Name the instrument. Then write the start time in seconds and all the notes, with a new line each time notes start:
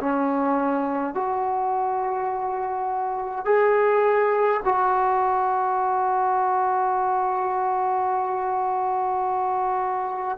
trombone
0.00 C#4
1.14 F#4
3.45 G#4
4.65 F#4